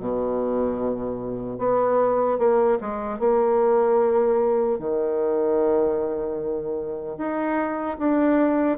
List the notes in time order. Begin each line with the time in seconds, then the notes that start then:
0.00 B2
1.59 B3
2.39 A#3
2.81 G#3
3.20 A#3
4.79 D#3
7.18 D#4
7.99 D4